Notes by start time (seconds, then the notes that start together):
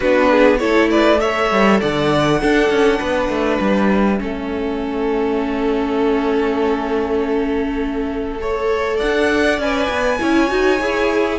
0.00 B3 D4 F#4 B4
0.30 G#4
0.58 A3 E4 A4 C#5
0.90 B4 D5
1.17 A4 C#5 E5
1.50 G3
1.80 D3 D5 F#5
2.40 D4 A4
2.69 C#4
2.99 B3 B4
3.28 A3
3.60 G3 E5
4.18 A3 C#4 A4
8.39 A4 C#5
8.96 D4 D5 F#5
9.58 C#4 B4 G#5
9.89 B3
10.19 C#4 E4 C#5
10.48 D#4 F#4
10.80 E4 G#4